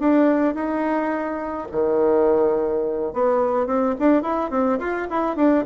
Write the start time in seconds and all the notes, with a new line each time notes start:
0.00 D4
0.55 D#4
1.72 D#3
3.14 B3
3.67 C4
4.00 D4
4.23 E4
4.51 C4
4.80 F4
5.11 E4
5.36 D4